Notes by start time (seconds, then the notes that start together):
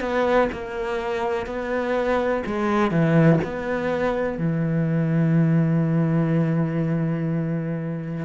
0.00 B3
0.52 A#3
1.46 B3
2.46 G#3
2.91 E3
3.44 B3
4.38 E3